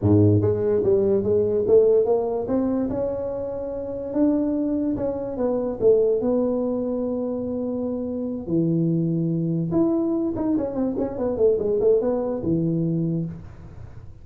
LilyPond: \new Staff \with { instrumentName = "tuba" } { \time 4/4 \tempo 4 = 145 gis,4 gis4 g4 gis4 | a4 ais4 c'4 cis'4~ | cis'2 d'2 | cis'4 b4 a4 b4~ |
b1~ | b8 e2. e'8~ | e'4 dis'8 cis'8 c'8 cis'8 b8 a8 | gis8 a8 b4 e2 | }